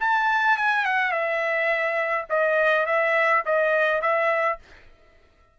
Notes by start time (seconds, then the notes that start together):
0.00 A5
0.57 G#5
0.85 F#5
1.11 E5
2.30 D#5
2.86 E5
3.45 D#5
4.02 E5